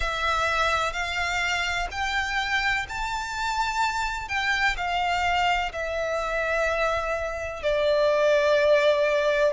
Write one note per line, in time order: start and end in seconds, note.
0.00 0.93 E5
0.93 1.88 F5
1.91 2.86 G5
2.88 4.28 A5
4.28 4.76 G5
4.76 5.71 F5
5.72 7.62 E5
7.62 9.53 D5